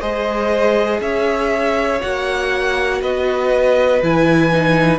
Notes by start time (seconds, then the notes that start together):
0.00 G#3 G#4 C5 D#5
1.00 C#4 C#5 E5
2.01 A#3 F#4 F#5
3.01 B3 B4 D#5
4.02 E3 E4 G#5
4.52 D#4